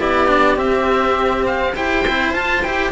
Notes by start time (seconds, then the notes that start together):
0.00 B3 E4 G4 D5
0.28 D4
0.57 C4 E5
1.46 F5
1.76 E4 G4 C5 G5
2.08 C4 E4
2.31 F4 A5
2.62 E4 G4 G5